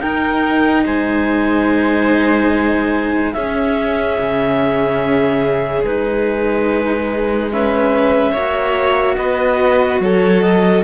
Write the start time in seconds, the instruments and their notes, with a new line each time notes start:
0.00 cello D#4, violin A#4, clarinet G5
0.85 cello G#3, violin C5, clarinet G#5
3.32 cello C#4, violin G#4, clarinet E5
4.19 cello C#3
5.83 cello G#3 D#4, clarinet B4
7.52 cello C#4, violin B4, clarinet E5
8.32 cello A#3 F#4, violin C#5
9.16 cello B3, violin B4, clarinet D#5
9.99 cello F#3, violin A4, clarinet C#5
10.41 clarinet D#5